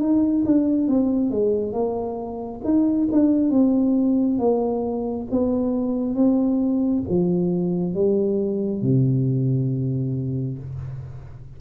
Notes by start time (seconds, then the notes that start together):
0.00 D#4
0.45 D4
0.88 C4
1.30 G#3
1.72 A#3
2.64 D#4
3.12 D4
3.50 C4
4.39 A#3
5.31 B3
6.15 C4
7.09 F3
7.94 G3
8.82 C3